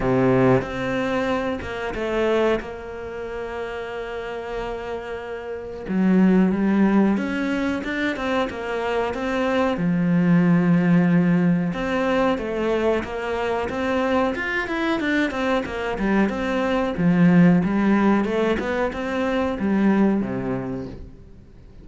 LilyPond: \new Staff \with { instrumentName = "cello" } { \time 4/4 \tempo 4 = 92 c4 c'4. ais8 a4 | ais1~ | ais4 fis4 g4 cis'4 | d'8 c'8 ais4 c'4 f4~ |
f2 c'4 a4 | ais4 c'4 f'8 e'8 d'8 c'8 | ais8 g8 c'4 f4 g4 | a8 b8 c'4 g4 c4 | }